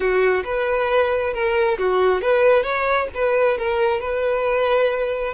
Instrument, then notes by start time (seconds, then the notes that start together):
violin
0.00 F#4
0.44 B4
1.33 A#4
1.78 F#4
2.21 B4
2.63 C#5
3.14 B4
3.58 A#4
4.00 B4